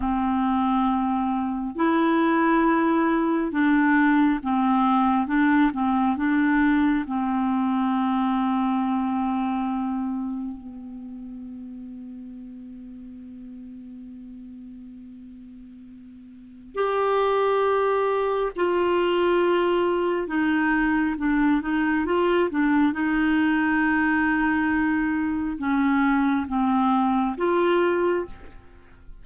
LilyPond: \new Staff \with { instrumentName = "clarinet" } { \time 4/4 \tempo 4 = 68 c'2 e'2 | d'4 c'4 d'8 c'8 d'4 | c'1 | b1~ |
b2. g'4~ | g'4 f'2 dis'4 | d'8 dis'8 f'8 d'8 dis'2~ | dis'4 cis'4 c'4 f'4 | }